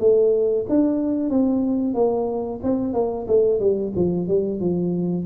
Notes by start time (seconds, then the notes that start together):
0.00 A3
0.69 D4
1.30 C4
1.94 A#3
2.63 C4
2.93 A#3
3.28 A3
3.60 G3
3.96 F3
4.28 G3
4.60 F3